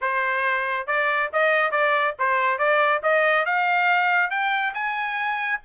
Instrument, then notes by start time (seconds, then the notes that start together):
trumpet
0.01 C5
0.86 D5
1.32 D#5
1.71 D5
2.18 C5
2.58 D5
3.02 D#5
3.45 F5
4.30 G5
4.74 G#5